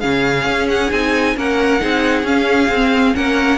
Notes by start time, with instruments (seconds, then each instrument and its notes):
0.00 cello C#3, viola C#4, violin G#4 F5
0.46 cello C#4
0.69 violin F#5
0.91 cello C4, viola D#4, violin G#5
1.36 cello A#3, viola C#4, violin A#4 F#5
1.80 cello C4, viola D#4, violin G#4
2.23 cello C#4, viola C#4, violin F5
2.68 cello C4
2.75 viola C4
3.14 cello A#3, viola C#4, violin A#4 F#5